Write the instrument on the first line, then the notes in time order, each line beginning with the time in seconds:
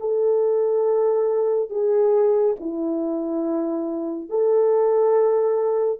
horn
0.00 A4
1.70 G#4
2.60 E4
4.29 A4